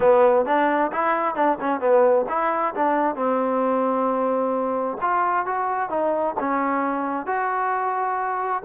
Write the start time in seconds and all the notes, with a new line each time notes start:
0.00 B3
0.45 D4
0.92 E4
1.35 D4
1.60 C#4
1.80 B3
2.29 E4
2.75 D4
3.15 C4
5.01 F4
5.45 F#4
5.89 D#4
6.39 C#4
7.26 F#4